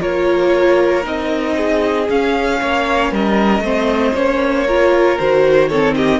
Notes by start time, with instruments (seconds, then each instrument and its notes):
0.00 cello A#3, viola F4, violin A#4 C#5
1.03 cello C4, viola D#4, violin D#5
1.57 violin G#4
2.09 viola C#4, cello C#4, violin F5
2.61 cello A#3, violin C#5
3.12 cello G3, violin A#4 D#5
3.60 cello A3, viola C4, violin C5
4.15 cello A#3, viola C#4, violin C#5
4.67 viola F4, violin A#4
5.19 cello D#3, viola F#4, violin C5
5.69 viola C4, violin A4 C#5
5.96 violin G4 D#5